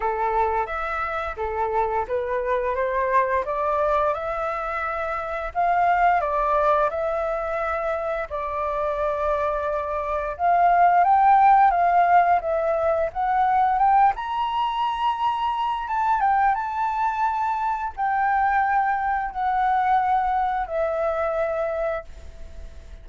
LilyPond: \new Staff \with { instrumentName = "flute" } { \time 4/4 \tempo 4 = 87 a'4 e''4 a'4 b'4 | c''4 d''4 e''2 | f''4 d''4 e''2 | d''2. f''4 |
g''4 f''4 e''4 fis''4 | g''8 ais''2~ ais''8 a''8 g''8 | a''2 g''2 | fis''2 e''2 | }